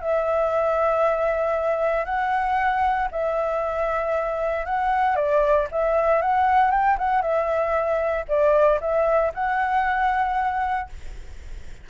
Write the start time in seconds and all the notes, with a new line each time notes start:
0.00 E5
2.05 F#5
3.11 E5
4.65 F#5
5.15 D5
5.71 E5
6.21 F#5
6.71 G5
6.98 F#5
7.21 E5
8.28 D5
8.80 E5
9.34 F#5